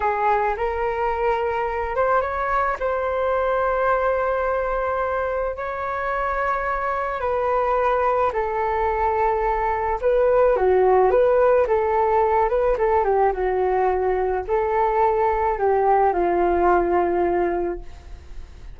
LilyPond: \new Staff \with { instrumentName = "flute" } { \time 4/4 \tempo 4 = 108 gis'4 ais'2~ ais'8 c''8 | cis''4 c''2.~ | c''2 cis''2~ | cis''4 b'2 a'4~ |
a'2 b'4 fis'4 | b'4 a'4. b'8 a'8 g'8 | fis'2 a'2 | g'4 f'2. | }